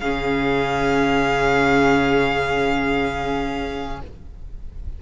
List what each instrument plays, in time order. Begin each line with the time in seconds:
0.00 cello C#3, viola C#4, violin G#4 F5